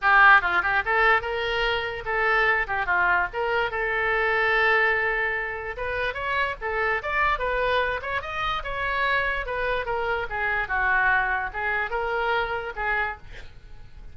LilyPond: \new Staff \with { instrumentName = "oboe" } { \time 4/4 \tempo 4 = 146 g'4 f'8 g'8 a'4 ais'4~ | ais'4 a'4. g'8 f'4 | ais'4 a'2.~ | a'2 b'4 cis''4 |
a'4 d''4 b'4. cis''8 | dis''4 cis''2 b'4 | ais'4 gis'4 fis'2 | gis'4 ais'2 gis'4 | }